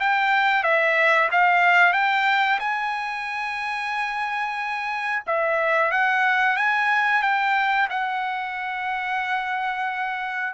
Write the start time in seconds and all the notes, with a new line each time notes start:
0.00 G5
0.64 E5
1.32 F5
1.93 G5
2.60 G#5
5.27 E5
5.92 F#5
6.57 G#5
7.23 G5
7.90 F#5